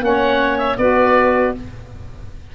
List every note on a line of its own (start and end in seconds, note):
0.00 0.77 A#3
0.00 0.76 C#4
0.00 0.78 C#5
0.00 0.58 F#5
0.58 0.77 E5
0.77 1.54 B3
0.77 1.55 F#4
0.77 1.54 B4
0.77 1.53 D5